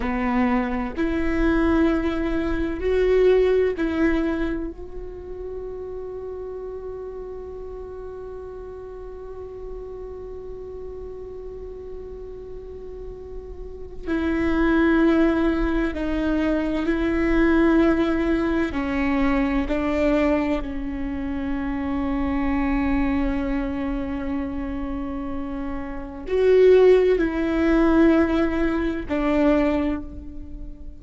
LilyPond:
\new Staff \with { instrumentName = "viola" } { \time 4/4 \tempo 4 = 64 b4 e'2 fis'4 | e'4 fis'2.~ | fis'1~ | fis'2. e'4~ |
e'4 dis'4 e'2 | cis'4 d'4 cis'2~ | cis'1 | fis'4 e'2 d'4 | }